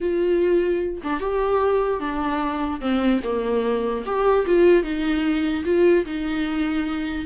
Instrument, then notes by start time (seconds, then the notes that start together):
viola
0.01 F4
1.03 D4
1.20 G4
2.00 D4
2.80 C4
3.23 A#3
4.05 G4
4.46 F4
4.83 D#4
5.64 F4
6.05 D#4